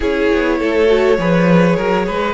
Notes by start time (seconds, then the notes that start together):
0.00 C#4 E4 G#4 C#5
0.32 B3
0.58 A3 A4
0.86 F#4
1.17 F3 G#4 B4
1.76 F#3 A#4
2.06 G#3 B4